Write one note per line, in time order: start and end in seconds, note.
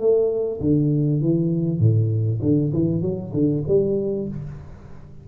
0.00 0.61 A3
0.61 1.21 D3
1.21 1.80 E3
1.80 2.40 A2
2.42 2.73 D3
2.73 3.02 E3
3.02 3.33 F#3
3.34 3.64 D3
3.68 4.29 G3